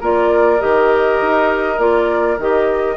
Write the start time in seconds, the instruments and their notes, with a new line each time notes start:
0.00 bassoon A#3, clarinet F4, oboe A#4, flute D5
0.59 bassoon D#3, clarinet G4, flute D#5
1.21 bassoon D#4
1.78 bassoon A#3, clarinet F4, flute D5
2.38 bassoon D#3, clarinet G4, flute D#5